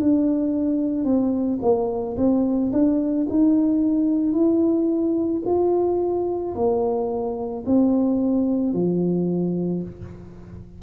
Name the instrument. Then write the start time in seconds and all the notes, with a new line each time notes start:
tuba
0.00 D4
1.05 C4
1.62 A#3
2.18 C4
2.73 D4
3.30 D#4
4.33 E4
5.46 F4
6.56 A#3
7.67 C4
8.74 F3